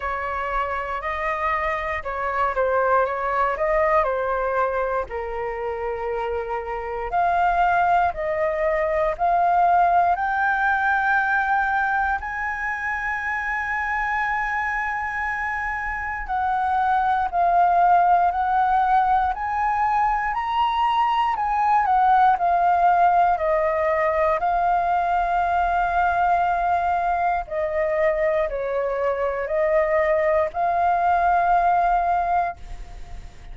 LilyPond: \new Staff \with { instrumentName = "flute" } { \time 4/4 \tempo 4 = 59 cis''4 dis''4 cis''8 c''8 cis''8 dis''8 | c''4 ais'2 f''4 | dis''4 f''4 g''2 | gis''1 |
fis''4 f''4 fis''4 gis''4 | ais''4 gis''8 fis''8 f''4 dis''4 | f''2. dis''4 | cis''4 dis''4 f''2 | }